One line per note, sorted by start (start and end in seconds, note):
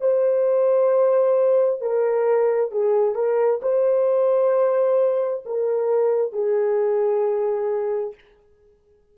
0.00 1.81 C5
1.81 2.71 A#4
2.71 3.15 G#4
3.15 3.60 A#4
3.62 5.43 C5
5.45 6.32 A#4
6.32 8.14 G#4